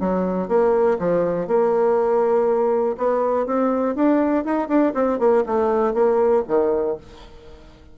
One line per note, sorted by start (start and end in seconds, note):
0.00 0.48 F#3
0.48 0.98 A#3
0.99 1.48 F3
1.48 2.96 A#3
2.98 3.46 B3
3.46 3.95 C4
3.95 4.45 D4
4.45 4.68 D#4
4.68 4.93 D4
4.94 5.19 C4
5.19 5.44 A#3
5.46 5.94 A3
5.94 6.43 A#3
6.48 6.97 D#3